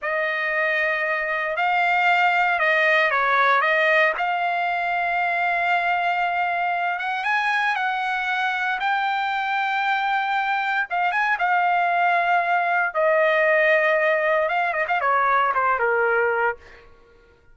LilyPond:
\new Staff \with { instrumentName = "trumpet" } { \time 4/4 \tempo 4 = 116 dis''2. f''4~ | f''4 dis''4 cis''4 dis''4 | f''1~ | f''4. fis''8 gis''4 fis''4~ |
fis''4 g''2.~ | g''4 f''8 gis''8 f''2~ | f''4 dis''2. | f''8 dis''16 f''16 cis''4 c''8 ais'4. | }